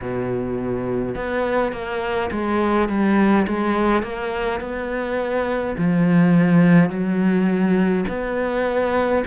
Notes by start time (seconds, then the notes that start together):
0.01 B2
1.15 B3
1.72 A#3
2.31 G#3
2.88 G3
3.47 G#3
4.02 A#3
4.60 B3
5.77 F3
6.89 F#3
8.08 B3